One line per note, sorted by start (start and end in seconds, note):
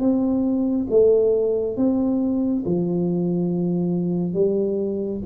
0.00 0.87 C4
0.90 1.77 A3
1.77 2.64 C4
2.65 4.34 F3
4.34 5.21 G3